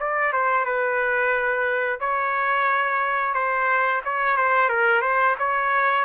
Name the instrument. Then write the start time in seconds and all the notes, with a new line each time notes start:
trumpet
0.00 D5
0.33 C5
0.66 B4
2.00 C#5
3.34 C5
4.05 C#5
4.37 C5
4.69 A#4
5.02 C5
5.39 C#5